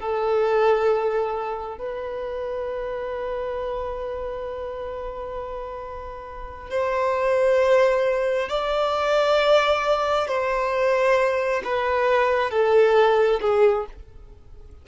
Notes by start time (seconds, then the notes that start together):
0.00 A4
1.78 B4
6.70 C5
8.49 D5
10.28 C5
11.65 B4
12.50 A4
13.41 G#4